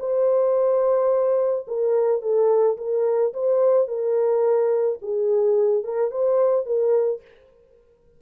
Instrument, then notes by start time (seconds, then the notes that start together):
horn
0.00 C5
1.68 A#4
2.22 A4
2.78 A#4
3.34 C5
3.88 A#4
5.02 G#4
5.84 A#4
6.12 C5
6.66 A#4